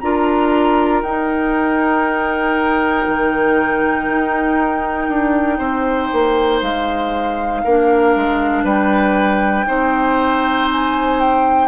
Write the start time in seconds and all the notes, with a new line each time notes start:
0.00 D4 F4 A#4 A#5
1.02 D#4 G5
3.07 D#3
4.09 D#4
5.09 D4
5.58 C4 C5
6.13 A#3
6.62 G#3 F5
7.64 A#3 D4 A#4
8.16 G#3
8.64 G3 B4 G5
9.67 C4 D#4 C5
10.71 G#5
11.20 G5